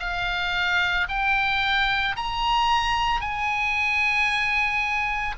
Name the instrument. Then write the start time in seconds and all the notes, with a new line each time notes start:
oboe
0.00 F5
1.09 G5
2.17 A#5
3.21 G#5